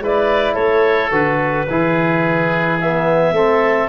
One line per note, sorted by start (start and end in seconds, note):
0.00 0.56 G#3
0.00 1.12 E4
0.00 0.55 B4
0.06 0.55 D5
0.55 1.12 A3
0.55 1.66 A4
0.55 1.11 C#5
1.12 1.68 D3
1.12 1.68 F#4
1.12 2.79 B4
1.70 3.32 E3
1.70 2.81 E4
1.70 3.35 G#4
2.81 3.35 B3
2.81 3.89 E5
3.32 3.88 A3
3.32 3.89 C4
3.32 3.89 A4